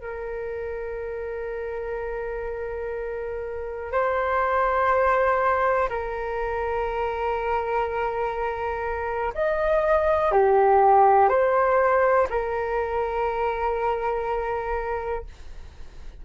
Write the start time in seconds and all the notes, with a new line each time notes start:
0.00 A#4
3.92 C5
5.89 A#4
9.34 D#5
10.31 G4
11.28 C5
12.30 A#4